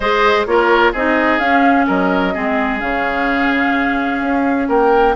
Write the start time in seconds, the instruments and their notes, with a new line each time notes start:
0.00 bassoon G#3, clarinet G#4, oboe C5, flute D#5
0.45 bassoon A#3, clarinet F4, oboe A#4, flute C#5
0.92 bassoon C4, clarinet D#4, oboe G#4, flute D#5
1.38 bassoon C#4, clarinet C#4, flute F5
1.87 bassoon F#3, oboe A#4, flute D#5
2.33 bassoon G#3, clarinet C4, oboe G#4
2.79 bassoon C#3, clarinet C#4, flute F5
4.21 bassoon C#4
4.68 bassoon A#3, oboe A#4, flute G5